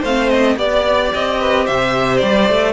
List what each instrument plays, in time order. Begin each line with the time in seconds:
0.00 cello A3, viola C4, violin C5 F5
0.29 violin D#5
0.56 cello B3, viola G4, violin D5
1.14 cello C4, violin D#5
1.40 violin B4
1.65 cello C3, violin C5 E5
2.17 cello G3, violin D5
2.49 cello A3